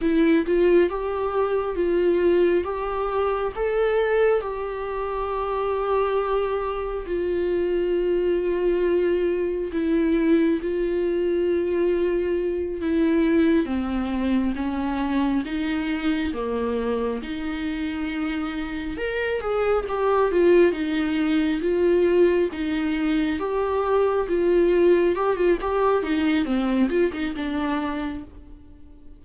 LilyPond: \new Staff \with { instrumentName = "viola" } { \time 4/4 \tempo 4 = 68 e'8 f'8 g'4 f'4 g'4 | a'4 g'2. | f'2. e'4 | f'2~ f'8 e'4 c'8~ |
c'8 cis'4 dis'4 ais4 dis'8~ | dis'4. ais'8 gis'8 g'8 f'8 dis'8~ | dis'8 f'4 dis'4 g'4 f'8~ | f'8 g'16 f'16 g'8 dis'8 c'8 f'16 dis'16 d'4 | }